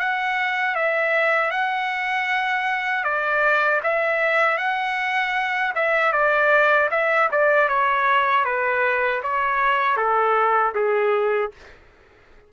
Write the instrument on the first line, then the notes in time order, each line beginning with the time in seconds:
trumpet
0.00 F#5
0.76 E5
1.51 F#5
3.05 D5
3.84 E5
4.58 F#5
5.76 E5
6.13 D5
6.91 E5
7.32 D5
7.69 C#5
8.45 B4
9.23 C#5
9.97 A4
10.75 G#4